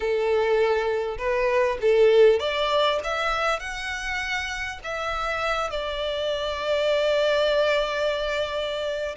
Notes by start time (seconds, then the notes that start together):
0.00 A4
1.18 B4
1.81 A4
2.39 D5
3.03 E5
3.59 F#5
4.83 E5
5.70 D5